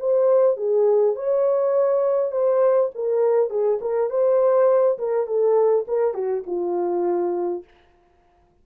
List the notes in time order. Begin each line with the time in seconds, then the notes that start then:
0.00 C5
0.57 G#4
1.16 C#5
2.32 C5
2.95 A#4
3.50 G#4
3.82 A#4
4.10 C5
4.99 A#4
5.27 A4
5.88 A#4
6.14 F#4
6.47 F4